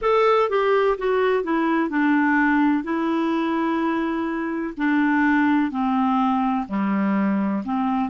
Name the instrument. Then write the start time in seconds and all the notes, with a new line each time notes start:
clarinet
0.01 A4
0.49 G4
0.97 F#4
1.43 E4
1.89 D4
2.83 E4
4.77 D4
5.71 C4
6.68 G3
7.65 C4